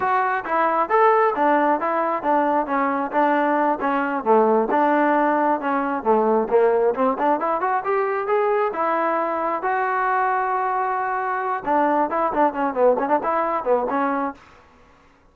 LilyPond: \new Staff \with { instrumentName = "trombone" } { \time 4/4 \tempo 4 = 134 fis'4 e'4 a'4 d'4 | e'4 d'4 cis'4 d'4~ | d'8 cis'4 a4 d'4.~ | d'8 cis'4 a4 ais4 c'8 |
d'8 e'8 fis'8 g'4 gis'4 e'8~ | e'4. fis'2~ fis'8~ | fis'2 d'4 e'8 d'8 | cis'8 b8 cis'16 d'16 e'4 b8 cis'4 | }